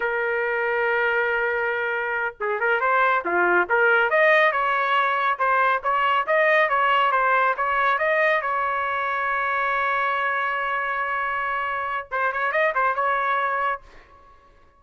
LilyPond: \new Staff \with { instrumentName = "trumpet" } { \time 4/4 \tempo 4 = 139 ais'1~ | ais'4. gis'8 ais'8 c''4 f'8~ | f'8 ais'4 dis''4 cis''4.~ | cis''8 c''4 cis''4 dis''4 cis''8~ |
cis''8 c''4 cis''4 dis''4 cis''8~ | cis''1~ | cis''1 | c''8 cis''8 dis''8 c''8 cis''2 | }